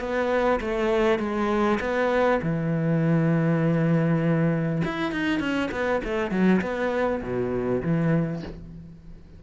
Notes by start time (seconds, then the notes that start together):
0.00 B3
0.61 A3
1.19 G#3
1.81 B3
2.42 E3
4.85 E4
5.12 D#4
5.40 C#4
5.72 B3
6.04 A3
6.31 F#3
6.62 B3
7.22 B2
7.83 E3